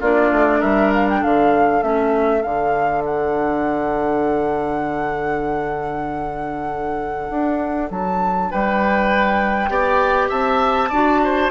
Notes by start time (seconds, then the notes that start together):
0.00 A#3 D4 F4 D5
0.32 A3
0.59 G3 A#4 E5
0.93 F5
1.09 G5
1.20 D3 A4 F5
1.83 A3 C#4 E5
2.42 D3 D4 F5
3.05 F#5
7.30 D4
7.90 F#3 A5
8.51 G3 B4 G5
9.69 B3 G4 D5
10.29 C4 E5 A5
10.89 D4 F#4 D5
11.24 C5